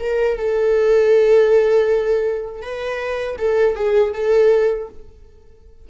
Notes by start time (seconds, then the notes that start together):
0.00 A#4
0.38 A4
2.62 B4
3.39 A4
3.76 G#4
4.14 A4